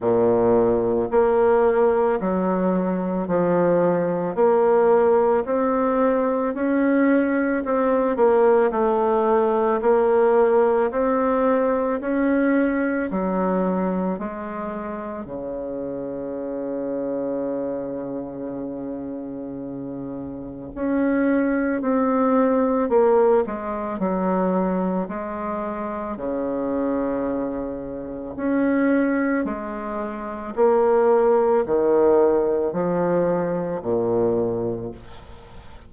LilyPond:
\new Staff \with { instrumentName = "bassoon" } { \time 4/4 \tempo 4 = 55 ais,4 ais4 fis4 f4 | ais4 c'4 cis'4 c'8 ais8 | a4 ais4 c'4 cis'4 | fis4 gis4 cis2~ |
cis2. cis'4 | c'4 ais8 gis8 fis4 gis4 | cis2 cis'4 gis4 | ais4 dis4 f4 ais,4 | }